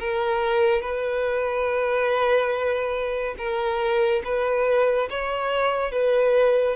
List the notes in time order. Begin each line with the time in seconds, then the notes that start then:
0.00 A#4
0.82 B4
3.38 A#4
4.24 B4
5.10 C#5
5.92 B4